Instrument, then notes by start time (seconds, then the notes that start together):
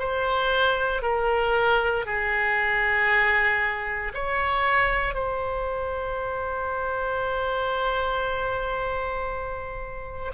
oboe
0.00 C5
1.03 A#4
2.06 G#4
4.14 C#5
5.14 C5